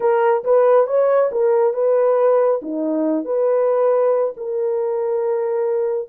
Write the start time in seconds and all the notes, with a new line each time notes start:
0.00 A#4
0.43 B4
0.86 C#5
1.31 A#4
1.74 B4
2.62 D#4
3.25 B4
4.36 A#4